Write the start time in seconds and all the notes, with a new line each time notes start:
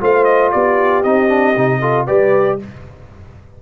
0.00 A3 F4 C5 F5
0.24 D#5
0.51 B3 G4 D5
1.02 C4 D#4 D#5
1.28 D4
1.56 C3 D#4
1.80 F4 A4
2.06 G3 G4 B4 D5